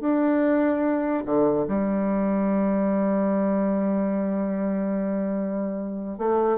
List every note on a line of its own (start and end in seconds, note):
0.00 1.23 D4
1.25 1.66 D3
1.68 6.18 G3
6.18 6.58 A3